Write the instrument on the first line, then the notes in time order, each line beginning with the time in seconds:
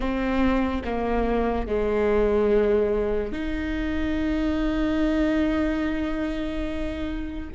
viola
0.00 C4
0.84 A#3
1.67 G#3
3.32 D#4